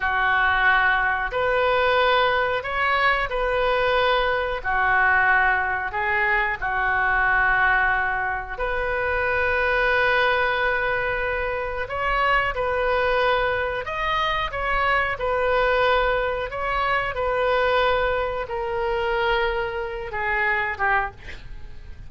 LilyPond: \new Staff \with { instrumentName = "oboe" } { \time 4/4 \tempo 4 = 91 fis'2 b'2 | cis''4 b'2 fis'4~ | fis'4 gis'4 fis'2~ | fis'4 b'2.~ |
b'2 cis''4 b'4~ | b'4 dis''4 cis''4 b'4~ | b'4 cis''4 b'2 | ais'2~ ais'8 gis'4 g'8 | }